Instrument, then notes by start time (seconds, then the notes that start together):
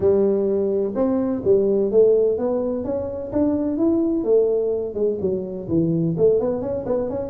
tuba
0.00 G3
0.95 C4
1.44 G3
1.91 A3
2.38 B3
2.84 C#4
3.32 D4
3.77 E4
4.23 A3
4.94 G#3
5.20 F#3
5.68 E3
6.17 A3
6.40 B3
6.61 C#4
6.86 B3
7.09 C#4